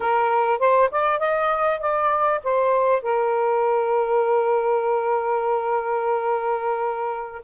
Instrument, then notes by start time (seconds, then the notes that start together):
saxophone
0.00 A#4
0.59 C5
0.91 D5
1.19 D#5
1.80 D5
2.43 C5
3.02 A#4